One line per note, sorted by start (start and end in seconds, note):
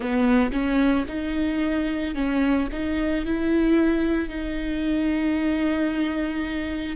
0.00 0.51 B3
0.52 1.05 C#4
1.07 2.14 D#4
2.14 2.68 C#4
2.71 3.25 D#4
3.25 4.29 E4
4.29 6.96 D#4